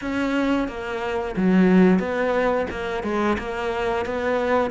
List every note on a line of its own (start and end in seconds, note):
0.01 0.67 C#4
0.67 1.35 A#3
1.36 1.99 F#3
1.99 2.66 B3
2.70 3.03 A#3
3.03 3.37 G#3
3.38 4.05 A#3
4.05 4.70 B3